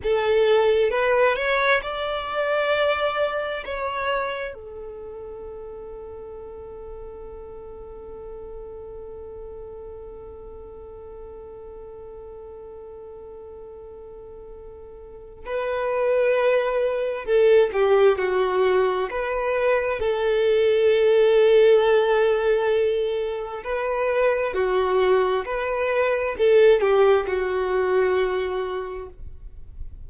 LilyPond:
\new Staff \with { instrumentName = "violin" } { \time 4/4 \tempo 4 = 66 a'4 b'8 cis''8 d''2 | cis''4 a'2.~ | a'1~ | a'1~ |
a'4 b'2 a'8 g'8 | fis'4 b'4 a'2~ | a'2 b'4 fis'4 | b'4 a'8 g'8 fis'2 | }